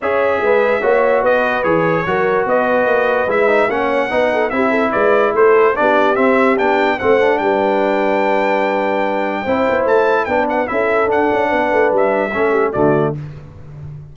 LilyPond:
<<
  \new Staff \with { instrumentName = "trumpet" } { \time 4/4 \tempo 4 = 146 e''2. dis''4 | cis''2 dis''2 | e''4 fis''2 e''4 | d''4 c''4 d''4 e''4 |
g''4 fis''4 g''2~ | g''1 | a''4 g''8 fis''8 e''4 fis''4~ | fis''4 e''2 d''4 | }
  \new Staff \with { instrumentName = "horn" } { \time 4/4 cis''4 b'4 cis''4 b'4~ | b'4 ais'4 b'2~ | b'4 cis''4 b'8 a'8 g'8 a'8 | b'4 a'4 g'2~ |
g'4 c''4 b'2~ | b'2. c''4~ | c''4 b'4 a'2 | b'2 a'8 g'8 fis'4 | }
  \new Staff \with { instrumentName = "trombone" } { \time 4/4 gis'2 fis'2 | gis'4 fis'2. | e'8 dis'8 cis'4 dis'4 e'4~ | e'2 d'4 c'4 |
d'4 c'8 d'2~ d'8~ | d'2. e'4~ | e'4 d'4 e'4 d'4~ | d'2 cis'4 a4 | }
  \new Staff \with { instrumentName = "tuba" } { \time 4/4 cis'4 gis4 ais4 b4 | e4 fis4 b4 ais4 | gis4 ais4 b4 c'4 | gis4 a4 b4 c'4 |
b4 a4 g2~ | g2. c'8 b8 | a4 b4 cis'4 d'8 cis'8 | b8 a8 g4 a4 d4 | }
>>